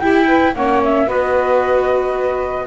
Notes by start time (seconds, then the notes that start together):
0.00 E4 G4 G5
0.27 B4
0.55 A#3 C#4 C#5 F#5
0.84 E5
1.06 B3 F#4 B4 D#5